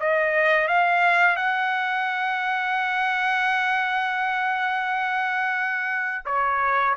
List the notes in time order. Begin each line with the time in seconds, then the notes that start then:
0.00 D#5
0.68 F5
1.36 F#5
6.25 C#5